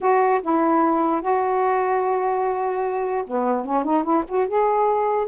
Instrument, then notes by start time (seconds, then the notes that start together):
saxophone
0.00 F#4
0.42 E4
1.21 F#4
3.26 B3
3.65 C#4
3.83 D#4
4.03 E4
4.28 F#4
4.47 G#4